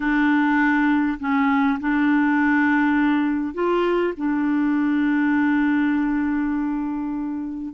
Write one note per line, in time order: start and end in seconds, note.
0.00 1.18 D4
1.19 1.78 C#4
1.80 3.54 D4
3.54 4.13 F4
4.17 7.73 D4